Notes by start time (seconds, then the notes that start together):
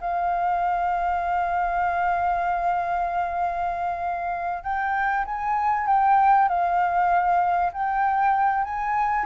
0.00 F5
4.63 G5
5.25 G#5
5.86 G5
6.48 F5
7.72 G5
8.64 G#5